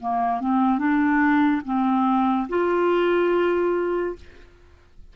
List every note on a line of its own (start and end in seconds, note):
0.00 0.40 A#3
0.40 0.78 C4
0.78 1.61 D4
1.64 2.48 C4
2.48 4.15 F4